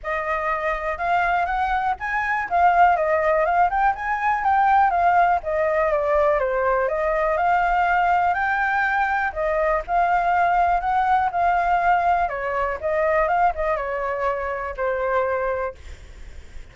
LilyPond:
\new Staff \with { instrumentName = "flute" } { \time 4/4 \tempo 4 = 122 dis''2 f''4 fis''4 | gis''4 f''4 dis''4 f''8 g''8 | gis''4 g''4 f''4 dis''4 | d''4 c''4 dis''4 f''4~ |
f''4 g''2 dis''4 | f''2 fis''4 f''4~ | f''4 cis''4 dis''4 f''8 dis''8 | cis''2 c''2 | }